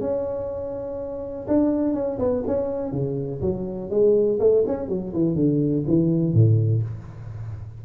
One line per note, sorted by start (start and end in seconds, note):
0.00 1.46 C#4
1.47 1.93 D4
1.93 2.18 C#4
2.18 2.43 B3
2.46 2.92 C#4
2.92 3.40 C#3
3.41 3.90 F#3
3.90 4.39 G#3
4.39 4.63 A3
4.66 4.88 C#4
4.88 5.12 F#3
5.13 5.35 E3
5.35 5.83 D3
5.87 6.33 E3
6.33 6.82 A2